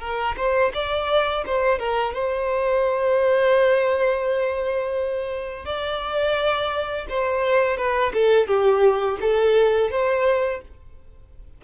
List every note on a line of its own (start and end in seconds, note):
0.00 0.35 A#4
0.37 0.72 C5
0.74 1.44 D5
1.46 1.79 C5
1.79 2.14 A#4
2.14 5.65 C5
5.65 7.06 D5
7.09 7.77 C5
7.77 8.12 B4
8.14 8.47 A4
8.47 9.18 G4
9.21 9.90 A4
9.90 10.61 C5